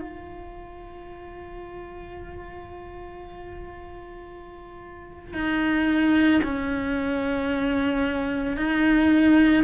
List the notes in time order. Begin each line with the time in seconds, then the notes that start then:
0.00 F4
5.34 D#4
6.43 C#4
8.57 D#4